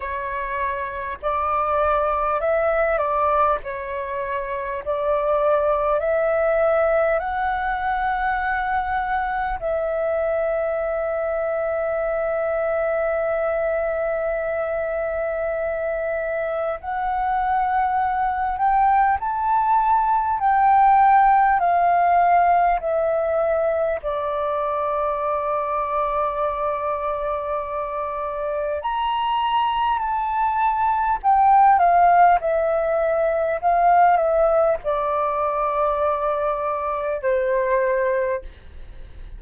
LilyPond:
\new Staff \with { instrumentName = "flute" } { \time 4/4 \tempo 4 = 50 cis''4 d''4 e''8 d''8 cis''4 | d''4 e''4 fis''2 | e''1~ | e''2 fis''4. g''8 |
a''4 g''4 f''4 e''4 | d''1 | ais''4 a''4 g''8 f''8 e''4 | f''8 e''8 d''2 c''4 | }